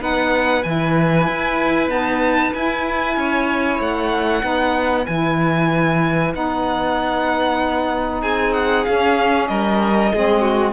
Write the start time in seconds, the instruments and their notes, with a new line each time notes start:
0.00 cello B3, saxophone D#4, violin B4 F#5
0.64 cello E3, saxophone E4, violin G#5
1.28 cello E4
1.88 saxophone B3, cello D#4, violin A5
2.54 cello E4, saxophone E4, violin G#5
3.17 cello C#4, violin C#5
3.80 cello A3, violin F#5
4.42 cello B3, saxophone D#4, violin B4
5.06 cello E3, saxophone E4, violin G#5
6.34 cello B3, saxophone D#4, violin F#5
8.22 cello C4, violin G#4 G#5
8.53 violin F#5
8.85 saxophone C#4, cello C#4, violin F5
9.48 cello G3, violin A#4 D#5
10.14 cello G#3, saxophone C4, violin G#4
10.41 violin F#4